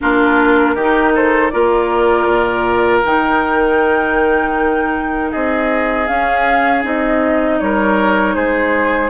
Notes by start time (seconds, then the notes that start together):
0.00 A#3 D4 F4 A#4
0.74 D#3 D#4 G4
1.14 A4 C5
1.49 A#3 F4 A#4 D5
2.27 A#2
3.04 D#3 D#4 G5
5.31 C4 G#4 D#5
6.07 C#4 F5
6.83 C4 D#4 D#5
7.59 G3 A#4 C#5
8.35 G#3 G#4 C5